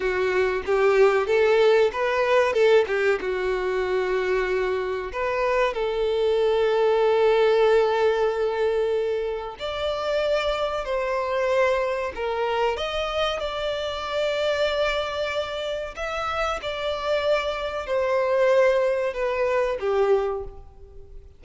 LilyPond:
\new Staff \with { instrumentName = "violin" } { \time 4/4 \tempo 4 = 94 fis'4 g'4 a'4 b'4 | a'8 g'8 fis'2. | b'4 a'2.~ | a'2. d''4~ |
d''4 c''2 ais'4 | dis''4 d''2.~ | d''4 e''4 d''2 | c''2 b'4 g'4 | }